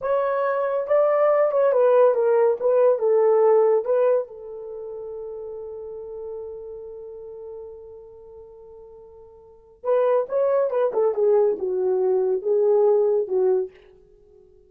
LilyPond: \new Staff \with { instrumentName = "horn" } { \time 4/4 \tempo 4 = 140 cis''2 d''4. cis''8 | b'4 ais'4 b'4 a'4~ | a'4 b'4 a'2~ | a'1~ |
a'1~ | a'2. b'4 | cis''4 b'8 a'8 gis'4 fis'4~ | fis'4 gis'2 fis'4 | }